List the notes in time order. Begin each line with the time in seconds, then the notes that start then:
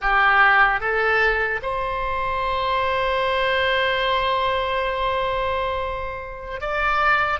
0.01 G4
0.80 A4
1.62 C5
6.60 D5